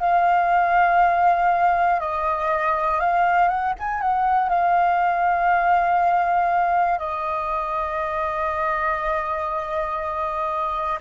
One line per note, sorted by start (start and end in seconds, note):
0.00 2.00 F5
2.00 3.00 D#5
3.00 3.48 F5
3.48 3.73 F#5
3.79 4.00 G#5
4.00 4.49 F#5
4.49 6.99 F5
6.99 10.99 D#5